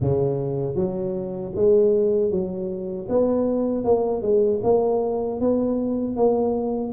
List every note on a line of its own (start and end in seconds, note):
0.00 0.75 C#3
0.75 1.52 F#3
1.55 2.30 G#3
2.30 3.07 F#3
3.08 3.84 B3
3.84 4.22 A#3
4.22 4.60 G#3
4.63 5.40 A#3
5.40 6.16 B3
6.16 6.92 A#3